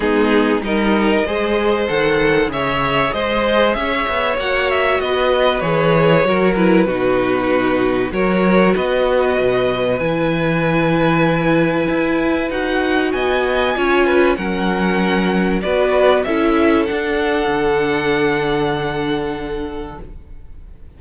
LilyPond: <<
  \new Staff \with { instrumentName = "violin" } { \time 4/4 \tempo 4 = 96 gis'4 dis''2 fis''4 | e''4 dis''4 e''4 fis''8 e''8 | dis''4 cis''4. b'4.~ | b'4 cis''4 dis''2 |
gis''1 | fis''4 gis''2 fis''4~ | fis''4 d''4 e''4 fis''4~ | fis''1 | }
  \new Staff \with { instrumentName = "violin" } { \time 4/4 dis'4 ais'4 c''2 | cis''4 c''4 cis''2 | b'2 ais'4 fis'4~ | fis'4 ais'4 b'2~ |
b'1~ | b'4 dis''4 cis''8 b'8 ais'4~ | ais'4 b'4 a'2~ | a'1 | }
  \new Staff \with { instrumentName = "viola" } { \time 4/4 b4 dis'4 gis'4 a'4 | gis'2. fis'4~ | fis'4 gis'4 fis'8 e'8 dis'4~ | dis'4 fis'2. |
e'1 | fis'2 f'4 cis'4~ | cis'4 fis'4 e'4 d'4~ | d'1 | }
  \new Staff \with { instrumentName = "cello" } { \time 4/4 gis4 g4 gis4 dis4 | cis4 gis4 cis'8 b8 ais4 | b4 e4 fis4 b,4~ | b,4 fis4 b4 b,4 |
e2. e'4 | dis'4 b4 cis'4 fis4~ | fis4 b4 cis'4 d'4 | d1 | }
>>